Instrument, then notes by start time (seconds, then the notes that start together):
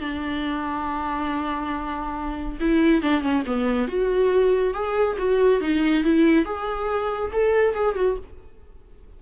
viola
0.00 D4
2.61 E4
3.02 D4
3.22 C#4
3.46 B3
3.88 F#4
4.74 G#4
5.18 F#4
5.61 D#4
6.04 E4
6.45 G#4
7.33 A4
7.75 G#4
7.96 F#4